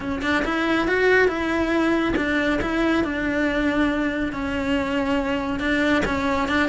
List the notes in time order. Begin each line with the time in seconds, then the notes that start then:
0.00 C#4
0.22 D4
0.45 E4
0.87 F#4
1.27 E4
2.16 D4
2.61 E4
3.03 D4
4.32 C#4
5.59 D4
6.05 C#4
6.48 D4